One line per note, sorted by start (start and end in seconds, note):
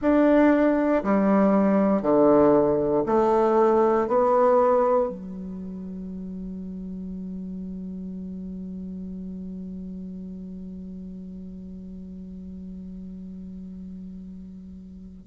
0.01 1.03 D4
1.04 2.02 G3
2.02 3.03 D3
3.06 4.07 A3
4.07 5.09 B3
5.09 15.26 F#3